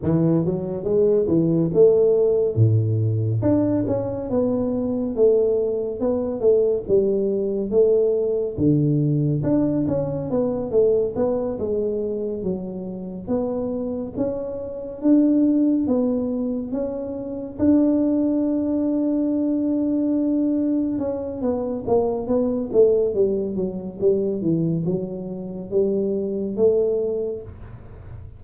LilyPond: \new Staff \with { instrumentName = "tuba" } { \time 4/4 \tempo 4 = 70 e8 fis8 gis8 e8 a4 a,4 | d'8 cis'8 b4 a4 b8 a8 | g4 a4 d4 d'8 cis'8 | b8 a8 b8 gis4 fis4 b8~ |
b8 cis'4 d'4 b4 cis'8~ | cis'8 d'2.~ d'8~ | d'8 cis'8 b8 ais8 b8 a8 g8 fis8 | g8 e8 fis4 g4 a4 | }